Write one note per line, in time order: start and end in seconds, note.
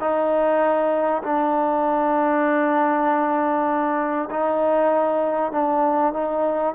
0.00 1.22 D#4
1.23 4.29 D4
4.31 5.52 D#4
5.52 6.13 D4
6.13 6.75 D#4